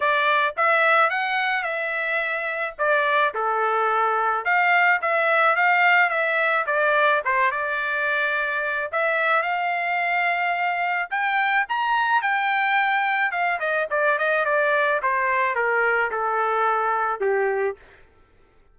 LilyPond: \new Staff \with { instrumentName = "trumpet" } { \time 4/4 \tempo 4 = 108 d''4 e''4 fis''4 e''4~ | e''4 d''4 a'2 | f''4 e''4 f''4 e''4 | d''4 c''8 d''2~ d''8 |
e''4 f''2. | g''4 ais''4 g''2 | f''8 dis''8 d''8 dis''8 d''4 c''4 | ais'4 a'2 g'4 | }